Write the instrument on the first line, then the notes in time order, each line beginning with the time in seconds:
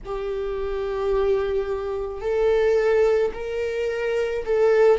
viola
0.05 G4
2.21 A4
3.33 A#4
4.44 A4